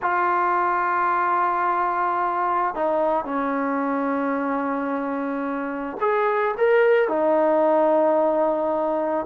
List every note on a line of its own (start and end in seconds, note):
0.02 2.74 F4
2.74 3.24 D#4
3.24 5.97 C#4
6.00 6.55 G#4
6.57 7.08 A#4
7.08 9.26 D#4